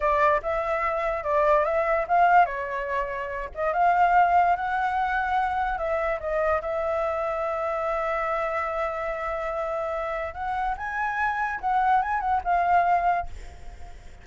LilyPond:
\new Staff \with { instrumentName = "flute" } { \time 4/4 \tempo 4 = 145 d''4 e''2 d''4 | e''4 f''4 cis''2~ | cis''8 dis''8 f''2 fis''4~ | fis''2 e''4 dis''4 |
e''1~ | e''1~ | e''4 fis''4 gis''2 | fis''4 gis''8 fis''8 f''2 | }